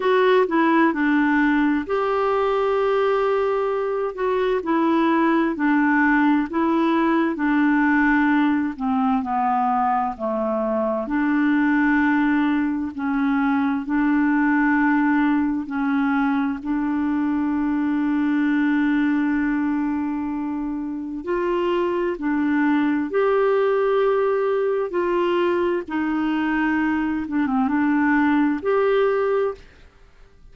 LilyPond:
\new Staff \with { instrumentName = "clarinet" } { \time 4/4 \tempo 4 = 65 fis'8 e'8 d'4 g'2~ | g'8 fis'8 e'4 d'4 e'4 | d'4. c'8 b4 a4 | d'2 cis'4 d'4~ |
d'4 cis'4 d'2~ | d'2. f'4 | d'4 g'2 f'4 | dis'4. d'16 c'16 d'4 g'4 | }